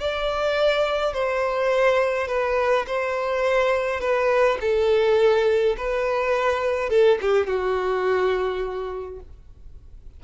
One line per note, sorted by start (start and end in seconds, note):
0.00 1.13 D5
1.13 2.27 C5
2.27 2.85 B4
2.87 4.00 C5
4.00 4.58 B4
4.60 5.76 A4
5.77 6.89 B4
6.89 7.18 A4
7.21 7.47 G4
7.47 9.20 F#4